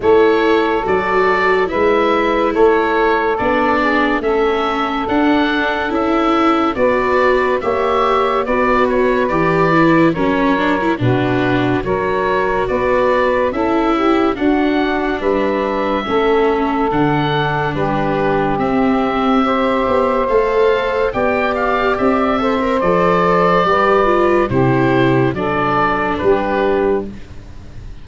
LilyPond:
<<
  \new Staff \with { instrumentName = "oboe" } { \time 4/4 \tempo 4 = 71 cis''4 d''4 e''4 cis''4 | d''4 e''4 fis''4 e''4 | d''4 e''4 d''8 cis''8 d''4 | cis''4 b'4 cis''4 d''4 |
e''4 fis''4 e''2 | fis''4 b'4 e''2 | f''4 g''8 f''8 e''4 d''4~ | d''4 c''4 d''4 b'4 | }
  \new Staff \with { instrumentName = "saxophone" } { \time 4/4 a'2 b'4 a'4~ | a'8 gis'8 a'2. | b'4 cis''4 b'2 | ais'4 fis'4 ais'4 b'4 |
a'8 g'8 fis'4 b'4 a'4~ | a'4 g'2 c''4~ | c''4 d''4. c''4. | b'4 g'4 a'4 g'4 | }
  \new Staff \with { instrumentName = "viola" } { \time 4/4 e'4 fis'4 e'2 | d'4 cis'4 d'4 e'4 | fis'4 g'4 fis'4 g'8 e'8 | cis'8 d'16 e'16 d'4 fis'2 |
e'4 d'2 cis'4 | d'2 c'4 g'4 | a'4 g'4. a'16 ais'16 a'4 | g'8 f'8 e'4 d'2 | }
  \new Staff \with { instrumentName = "tuba" } { \time 4/4 a4 fis4 gis4 a4 | b4 a4 d'4 cis'4 | b4 ais4 b4 e4 | fis4 b,4 fis4 b4 |
cis'4 d'4 g4 a4 | d4 g4 c'4. b8 | a4 b4 c'4 f4 | g4 c4 fis4 g4 | }
>>